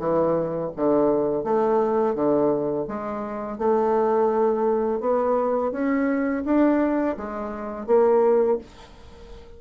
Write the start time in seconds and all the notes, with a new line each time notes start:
0.00 E3
0.76 D3
1.44 A3
2.15 D3
2.88 G#3
3.58 A3
5.00 B3
5.72 C#4
6.45 D4
7.18 G#3
7.87 A#3